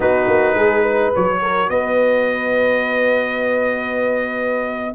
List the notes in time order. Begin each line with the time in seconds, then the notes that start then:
0.00 B3 D#4 F#4 B4
0.27 A#3
0.54 G#3 G#4
0.81 B4
1.13 F#3 F#4 C#5
1.41 A#4
1.69 B3 B4 D#5